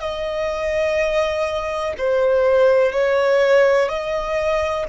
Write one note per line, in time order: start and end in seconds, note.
0.00 1.94 D#5
1.98 2.92 C5
2.92 3.89 C#5
3.89 4.86 D#5